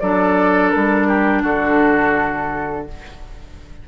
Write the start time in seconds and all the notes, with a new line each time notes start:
0.00 F#3 D4 A4 D5
0.70 G3 A#4
1.08 G4
1.42 D3 F#4 A4